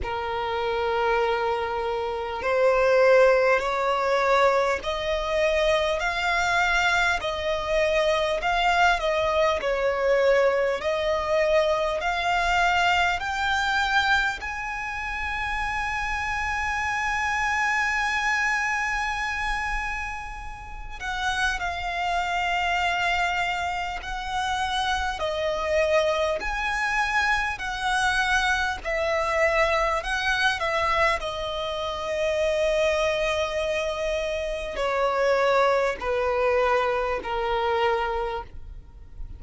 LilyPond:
\new Staff \with { instrumentName = "violin" } { \time 4/4 \tempo 4 = 50 ais'2 c''4 cis''4 | dis''4 f''4 dis''4 f''8 dis''8 | cis''4 dis''4 f''4 g''4 | gis''1~ |
gis''4. fis''8 f''2 | fis''4 dis''4 gis''4 fis''4 | e''4 fis''8 e''8 dis''2~ | dis''4 cis''4 b'4 ais'4 | }